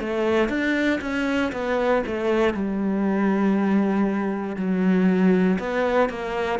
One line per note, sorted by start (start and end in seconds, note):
0.00 0.49 A3
0.49 1.00 D4
1.01 1.52 C#4
1.53 2.03 B3
2.07 2.54 A3
2.54 4.56 G3
4.56 5.58 F#3
5.59 6.10 B3
6.10 6.60 A#3